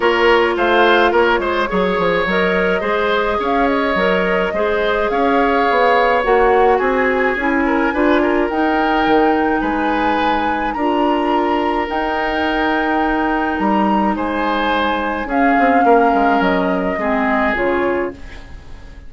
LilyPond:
<<
  \new Staff \with { instrumentName = "flute" } { \time 4/4 \tempo 4 = 106 cis''4 f''4 cis''2 | dis''2 f''8 dis''4.~ | dis''4 f''2 fis''4 | gis''2. g''4~ |
g''4 gis''2 ais''4~ | ais''4 g''2. | ais''4 gis''2 f''4~ | f''4 dis''2 cis''4 | }
  \new Staff \with { instrumentName = "oboe" } { \time 4/4 ais'4 c''4 ais'8 c''8 cis''4~ | cis''4 c''4 cis''2 | c''4 cis''2. | gis'4. ais'8 b'8 ais'4.~ |
ais'4 b'2 ais'4~ | ais'1~ | ais'4 c''2 gis'4 | ais'2 gis'2 | }
  \new Staff \with { instrumentName = "clarinet" } { \time 4/4 f'2. gis'4 | ais'4 gis'2 ais'4 | gis'2. fis'4~ | fis'4 e'4 f'4 dis'4~ |
dis'2. f'4~ | f'4 dis'2.~ | dis'2. cis'4~ | cis'2 c'4 f'4 | }
  \new Staff \with { instrumentName = "bassoon" } { \time 4/4 ais4 a4 ais8 gis8 fis8 f8 | fis4 gis4 cis'4 fis4 | gis4 cis'4 b4 ais4 | c'4 cis'4 d'4 dis'4 |
dis4 gis2 d'4~ | d'4 dis'2. | g4 gis2 cis'8 c'8 | ais8 gis8 fis4 gis4 cis4 | }
>>